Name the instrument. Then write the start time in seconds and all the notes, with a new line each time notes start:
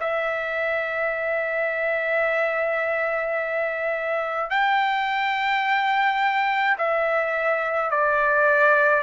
trumpet
0.00 E5
4.50 G5
6.78 E5
7.90 D5